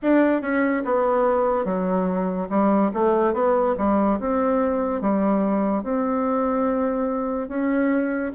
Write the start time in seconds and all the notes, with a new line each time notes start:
0.02 D4
0.41 C#4
0.84 B3
1.64 F#3
2.49 G3
2.93 A3
3.33 B3
3.77 G3
4.19 C4
5.01 G3
5.83 C4
7.48 C#4